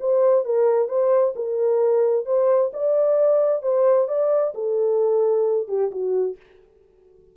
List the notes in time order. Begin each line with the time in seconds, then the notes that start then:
0.00 C5
0.45 A#4
0.89 C5
1.36 A#4
2.26 C5
2.74 D5
3.63 C5
4.08 D5
4.55 A4
5.68 G4
5.91 F#4